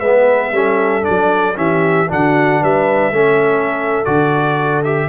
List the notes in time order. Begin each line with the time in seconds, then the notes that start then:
0.00 G#3 B3 B4 E5
0.52 G3 C#4 A4
1.02 D4 D5
1.09 F#3
1.55 E3 C#4 G4 E5
2.08 D3 D4 F#4 F#5
2.62 G3 B4 E5
3.11 A3 C#4 A4
4.05 D3 F#4 D5
4.84 G4 E5